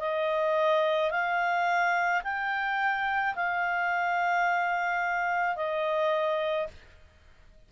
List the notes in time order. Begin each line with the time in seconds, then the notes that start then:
0.00 D#5
1.11 F5
2.24 G5
3.35 F5
5.57 D#5